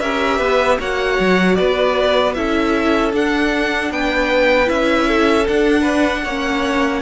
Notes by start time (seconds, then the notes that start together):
0.00 C#4 G4 A#4 E5
0.38 B3 B4
0.79 A#3 F#4 C#5 F#5
1.20 F#3
1.55 B3 B4 D5
2.34 C#4 E4 A4 E5
3.13 D4 F#5
3.91 B3 B4 G5
4.66 C#4 E4 E5
5.08 A4
5.47 D4 F#5
5.81 B4
6.24 A#3 C#4 C#5